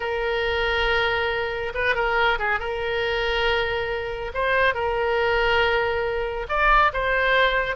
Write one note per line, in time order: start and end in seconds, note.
0.00 1.73 A#4
1.74 1.95 B4
1.95 2.38 A#4
2.38 2.59 G#4
2.59 4.32 A#4
4.33 4.74 C5
4.74 6.46 A#4
6.48 6.92 D5
6.93 7.76 C5